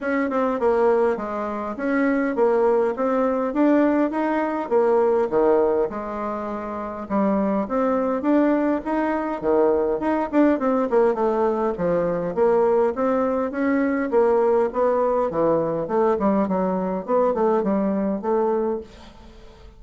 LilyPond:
\new Staff \with { instrumentName = "bassoon" } { \time 4/4 \tempo 4 = 102 cis'8 c'8 ais4 gis4 cis'4 | ais4 c'4 d'4 dis'4 | ais4 dis4 gis2 | g4 c'4 d'4 dis'4 |
dis4 dis'8 d'8 c'8 ais8 a4 | f4 ais4 c'4 cis'4 | ais4 b4 e4 a8 g8 | fis4 b8 a8 g4 a4 | }